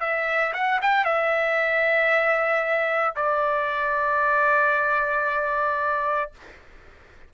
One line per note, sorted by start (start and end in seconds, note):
0.00 0.53 E5
0.53 0.79 F#5
0.81 1.04 G5
1.04 3.15 E5
3.16 6.32 D5